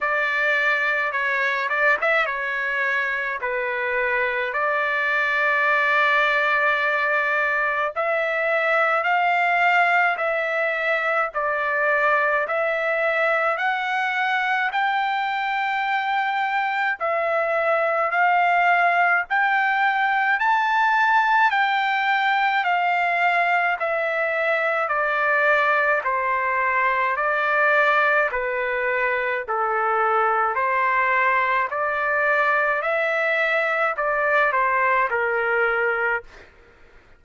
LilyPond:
\new Staff \with { instrumentName = "trumpet" } { \time 4/4 \tempo 4 = 53 d''4 cis''8 d''16 e''16 cis''4 b'4 | d''2. e''4 | f''4 e''4 d''4 e''4 | fis''4 g''2 e''4 |
f''4 g''4 a''4 g''4 | f''4 e''4 d''4 c''4 | d''4 b'4 a'4 c''4 | d''4 e''4 d''8 c''8 ais'4 | }